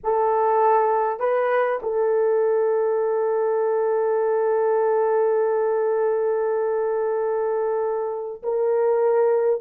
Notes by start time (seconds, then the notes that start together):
0.03 A4
1.19 B4
1.82 A4
8.42 A#4